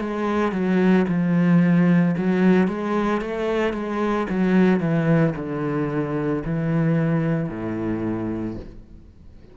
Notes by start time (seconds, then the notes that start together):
0.00 G#3
0.52 F#3
1.08 F3
2.17 F#3
2.68 G#3
3.21 A3
3.73 G#3
4.30 F#3
4.80 E3
5.36 D3
6.45 E3
7.50 A2